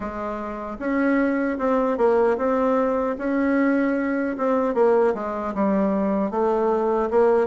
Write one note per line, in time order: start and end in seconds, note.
0.00 0.77 G#3
0.79 1.58 C#4
1.58 1.97 C4
1.97 2.36 A#3
2.37 3.16 C4
3.18 4.36 C#4
4.37 4.74 C4
4.74 5.14 A#3
5.14 5.54 G#3
5.54 6.30 G3
6.30 7.09 A3
7.10 7.47 A#3